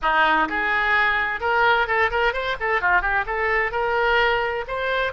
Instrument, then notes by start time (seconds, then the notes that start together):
oboe
0.01 D#4
0.48 G#4
1.40 A#4
1.87 A4
2.11 A#4
2.33 C5
2.59 A4
2.81 F4
3.01 G4
3.26 A4
3.71 A#4
4.67 C5